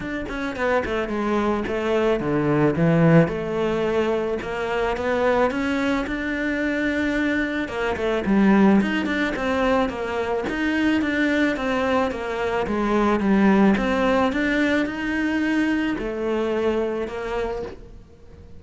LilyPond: \new Staff \with { instrumentName = "cello" } { \time 4/4 \tempo 4 = 109 d'8 cis'8 b8 a8 gis4 a4 | d4 e4 a2 | ais4 b4 cis'4 d'4~ | d'2 ais8 a8 g4 |
dis'8 d'8 c'4 ais4 dis'4 | d'4 c'4 ais4 gis4 | g4 c'4 d'4 dis'4~ | dis'4 a2 ais4 | }